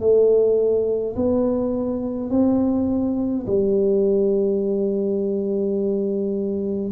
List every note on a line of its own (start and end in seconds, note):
0.00 1.15 A3
1.16 2.30 B3
2.30 3.46 C4
3.46 6.91 G3